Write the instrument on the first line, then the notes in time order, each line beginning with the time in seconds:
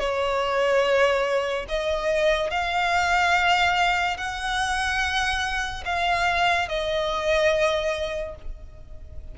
violin
0.00 C#5
1.69 D#5
2.51 F5
4.18 F#5
5.86 F5
6.69 D#5